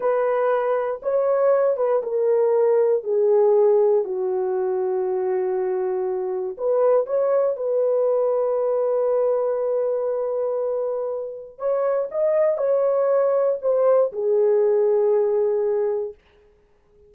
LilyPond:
\new Staff \with { instrumentName = "horn" } { \time 4/4 \tempo 4 = 119 b'2 cis''4. b'8 | ais'2 gis'2 | fis'1~ | fis'4 b'4 cis''4 b'4~ |
b'1~ | b'2. cis''4 | dis''4 cis''2 c''4 | gis'1 | }